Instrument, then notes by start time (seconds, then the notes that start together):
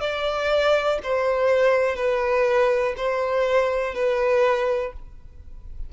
violin
0.00 D5
1.03 C5
1.96 B4
2.96 C5
3.94 B4